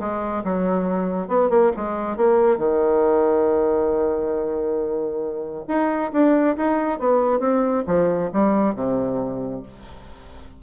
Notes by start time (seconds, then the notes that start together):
0.00 G#3
0.44 F#3
1.28 B3
1.50 A#3
1.77 G#3
2.17 A#3
2.58 D#3
5.68 D#4
6.13 D4
6.57 D#4
6.99 B3
7.40 C4
7.87 F3
8.33 G3
8.75 C3